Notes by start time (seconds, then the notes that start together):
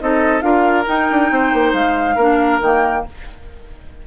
0.00 C4 D#4 A4 D#5
0.41 D4 F4 A#4 F5
0.87 D#4 G5
1.11 D4
1.31 C4 C5
1.53 A#3
1.73 G#3 F5
2.16 A#3 D4 A#4
2.61 D#3 A#3 G5